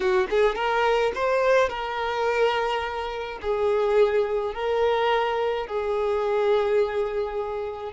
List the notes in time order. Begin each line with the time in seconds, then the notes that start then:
0.00 F#4
0.30 G#4
0.55 A#4
1.14 C5
1.69 A#4
3.41 G#4
4.54 A#4
5.66 G#4